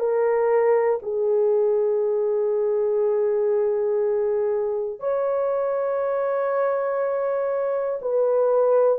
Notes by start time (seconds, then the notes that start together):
0.00 A#4
1.03 G#4
5.00 C#5
8.02 B4